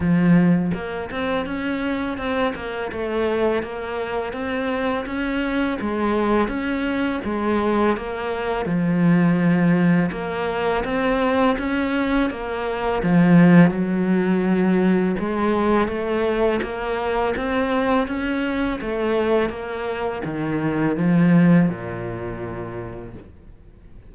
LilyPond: \new Staff \with { instrumentName = "cello" } { \time 4/4 \tempo 4 = 83 f4 ais8 c'8 cis'4 c'8 ais8 | a4 ais4 c'4 cis'4 | gis4 cis'4 gis4 ais4 | f2 ais4 c'4 |
cis'4 ais4 f4 fis4~ | fis4 gis4 a4 ais4 | c'4 cis'4 a4 ais4 | dis4 f4 ais,2 | }